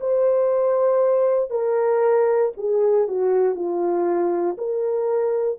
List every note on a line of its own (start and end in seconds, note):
0.00 1.50 C5
1.50 2.52 A#4
2.57 3.07 G#4
3.07 3.55 F#4
3.55 4.56 F4
4.58 5.59 A#4